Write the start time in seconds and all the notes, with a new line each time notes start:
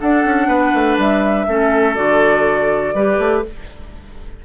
0.00 D4 A4 F#5
0.25 C#4
0.47 B3 B4
0.74 A3
0.97 G3 E5
1.47 A3 C#4 A4
1.95 D3 F#4 D5
2.94 G3 G4 B4
3.18 A3